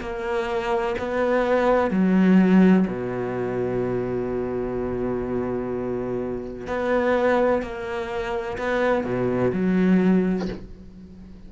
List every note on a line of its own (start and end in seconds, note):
0.00 0.95 A#3
0.98 1.90 B3
1.90 2.86 F#3
2.87 6.67 B2
6.67 7.62 B3
7.62 8.58 A#3
8.58 9.04 B3
9.04 9.52 B2
9.53 10.48 F#3